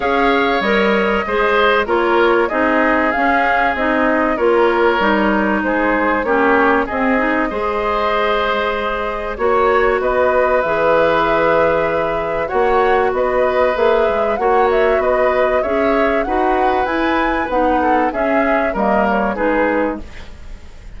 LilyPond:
<<
  \new Staff \with { instrumentName = "flute" } { \time 4/4 \tempo 4 = 96 f''4 dis''2 cis''4 | dis''4 f''4 dis''4 cis''4~ | cis''4 c''4 cis''4 dis''4~ | dis''2. cis''4 |
dis''4 e''2. | fis''4 dis''4 e''4 fis''8 e''8 | dis''4 e''4 fis''4 gis''4 | fis''4 e''4 dis''8 cis''8 b'4 | }
  \new Staff \with { instrumentName = "oboe" } { \time 4/4 cis''2 c''4 ais'4 | gis'2. ais'4~ | ais'4 gis'4 g'4 gis'4 | c''2. cis''4 |
b'1 | cis''4 b'2 cis''4 | b'4 cis''4 b'2~ | b'8 a'8 gis'4 ais'4 gis'4 | }
  \new Staff \with { instrumentName = "clarinet" } { \time 4/4 gis'4 ais'4 gis'4 f'4 | dis'4 cis'4 dis'4 f'4 | dis'2 cis'4 c'8 dis'8 | gis'2. fis'4~ |
fis'4 gis'2. | fis'2 gis'4 fis'4~ | fis'4 gis'4 fis'4 e'4 | dis'4 cis'4 ais4 dis'4 | }
  \new Staff \with { instrumentName = "bassoon" } { \time 4/4 cis'4 g4 gis4 ais4 | c'4 cis'4 c'4 ais4 | g4 gis4 ais4 c'4 | gis2. ais4 |
b4 e2. | ais4 b4 ais8 gis8 ais4 | b4 cis'4 dis'4 e'4 | b4 cis'4 g4 gis4 | }
>>